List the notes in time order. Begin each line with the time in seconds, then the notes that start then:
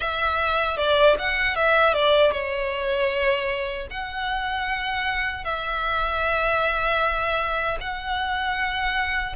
0.00 E5
0.77 D5
1.18 F#5
1.55 E5
1.93 D5
2.31 C#5
3.90 F#5
5.44 E5
7.80 F#5